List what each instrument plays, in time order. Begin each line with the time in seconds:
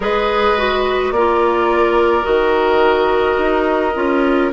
0.00 bassoon G#3, clarinet G#4, oboe B4, flute D#5
0.57 clarinet F#4
1.11 bassoon A#3, oboe A#4, flute D5
1.17 clarinet F4
2.23 bassoon D#3, clarinet F#4, flute D#5
3.37 bassoon D#4
3.94 bassoon C#4, clarinet F4